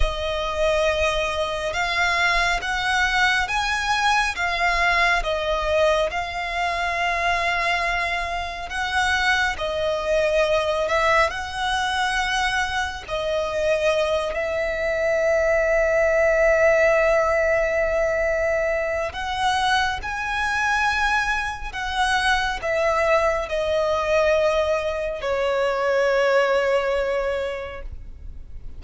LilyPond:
\new Staff \with { instrumentName = "violin" } { \time 4/4 \tempo 4 = 69 dis''2 f''4 fis''4 | gis''4 f''4 dis''4 f''4~ | f''2 fis''4 dis''4~ | dis''8 e''8 fis''2 dis''4~ |
dis''8 e''2.~ e''8~ | e''2 fis''4 gis''4~ | gis''4 fis''4 e''4 dis''4~ | dis''4 cis''2. | }